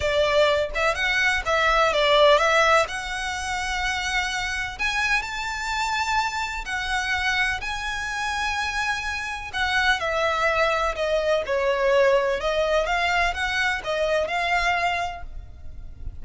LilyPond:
\new Staff \with { instrumentName = "violin" } { \time 4/4 \tempo 4 = 126 d''4. e''8 fis''4 e''4 | d''4 e''4 fis''2~ | fis''2 gis''4 a''4~ | a''2 fis''2 |
gis''1 | fis''4 e''2 dis''4 | cis''2 dis''4 f''4 | fis''4 dis''4 f''2 | }